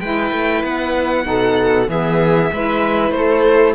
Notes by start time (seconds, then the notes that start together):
0.00 G#3 E4 B4 G5
0.32 A3
0.64 B3 F#5
1.24 B2 D#4 A4
1.88 E3 B3 G#4 E5
2.53 G#3 E4 B4
3.11 A3 A4 C5